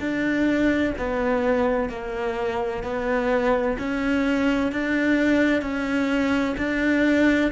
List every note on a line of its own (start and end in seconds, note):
0.00 0.94 D4
0.98 1.89 B3
1.89 2.83 A#3
2.83 3.77 B3
3.78 4.72 C#4
4.72 5.62 D4
5.62 6.55 C#4
6.58 7.52 D4